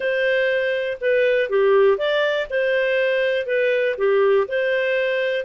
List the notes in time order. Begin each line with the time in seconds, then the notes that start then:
0.00 C5
1.00 B4
1.49 G4
1.97 D5
2.50 C5
3.46 B4
3.97 G4
4.48 C5